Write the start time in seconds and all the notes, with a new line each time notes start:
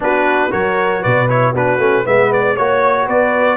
0.00 B3 D4 F#4 B4
0.49 F#3 F#4 A#4 C#5
1.01 B2 B4 D5
1.29 E4 C#5
1.52 B3 D4 F#4 B4
1.77 A3 C#4
2.04 G#3 B3 B4 E5
2.33 D5
2.54 A#3 F#4 C#5
3.05 B3 B4 D5